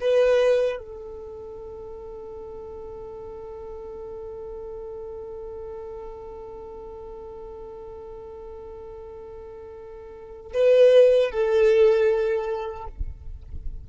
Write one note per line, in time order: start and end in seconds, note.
0.00 0.78 B4
0.78 10.52 A4
10.53 11.31 B4
11.31 12.87 A4